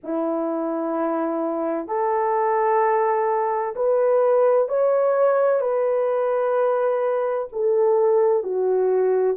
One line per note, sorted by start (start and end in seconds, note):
0.03 1.87 E4
1.87 3.74 A4
3.75 4.68 B4
4.68 5.60 C#5
5.60 7.48 B4
7.52 8.43 A4
8.43 9.37 F#4